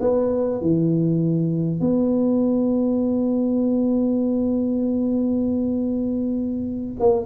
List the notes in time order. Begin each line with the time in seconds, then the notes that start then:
0.00 B3
0.61 E3
1.80 B3
6.99 A#3